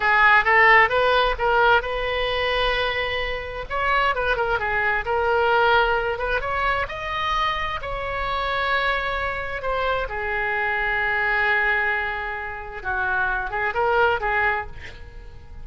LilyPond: \new Staff \with { instrumentName = "oboe" } { \time 4/4 \tempo 4 = 131 gis'4 a'4 b'4 ais'4 | b'1 | cis''4 b'8 ais'8 gis'4 ais'4~ | ais'4. b'8 cis''4 dis''4~ |
dis''4 cis''2.~ | cis''4 c''4 gis'2~ | gis'1 | fis'4. gis'8 ais'4 gis'4 | }